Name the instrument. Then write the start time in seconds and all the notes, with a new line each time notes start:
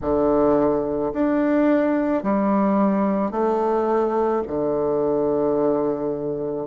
bassoon
0.02 D3
1.13 D4
2.23 G3
3.31 A3
4.47 D3